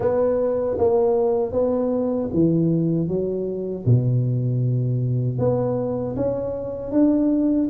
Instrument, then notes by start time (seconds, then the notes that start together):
tuba
0.00 B3
0.77 A#3
1.52 B3
2.33 E3
3.08 F#3
3.85 B2
5.38 B3
6.15 C#4
6.91 D4